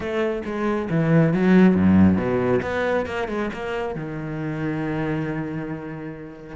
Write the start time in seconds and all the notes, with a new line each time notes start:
0.00 A3
0.45 G#3
0.90 E3
1.33 F#3
1.75 F#2
2.17 B2
2.62 B3
3.06 A#3
3.28 G#3
3.53 A#3
3.95 D#3